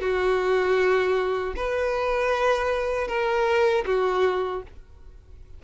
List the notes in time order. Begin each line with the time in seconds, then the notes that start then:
0.00 F#4
1.56 B4
3.07 A#4
3.86 F#4